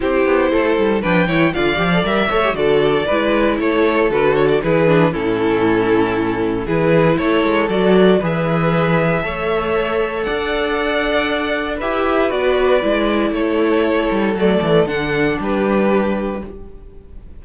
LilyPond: <<
  \new Staff \with { instrumentName = "violin" } { \time 4/4 \tempo 4 = 117 c''2 g''4 f''4 | e''4 d''2 cis''4 | b'8 cis''16 d''16 b'4 a'2~ | a'4 b'4 cis''4 d''4 |
e''1 | fis''2. e''4 | d''2 cis''2 | d''4 fis''4 b'2 | }
  \new Staff \with { instrumentName = "violin" } { \time 4/4 g'4 a'4 b'8 cis''8 d''4~ | d''8 cis''8 a'4 b'4 a'4~ | a'4 gis'4 e'2~ | e'4 gis'4 a'2 |
b'2 cis''2 | d''2. b'4~ | b'2 a'2~ | a'2 g'2 | }
  \new Staff \with { instrumentName = "viola" } { \time 4/4 e'2 d'8 e'8 f'8 g'16 a'16 | ais'8 a'16 g'16 fis'4 e'2 | fis'4 e'8 d'8 cis'2~ | cis'4 e'2 fis'4 |
gis'2 a'2~ | a'2. g'4 | fis'4 e'2. | a4 d'2. | }
  \new Staff \with { instrumentName = "cello" } { \time 4/4 c'8 b8 a8 g8 f8 e8 d8 f8 | g8 a8 d4 gis4 a4 | d4 e4 a,2~ | a,4 e4 a8 gis8 fis4 |
e2 a2 | d'2. e'4 | b4 gis4 a4. g8 | fis8 e8 d4 g2 | }
>>